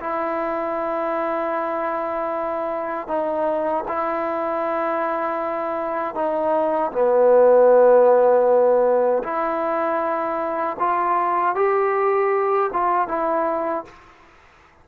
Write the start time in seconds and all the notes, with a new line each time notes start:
0.00 E4
3.08 D#4
3.88 E4
6.15 D#4
6.92 B3
9.23 E4
10.79 F4
11.55 G4
12.73 F4
13.08 E4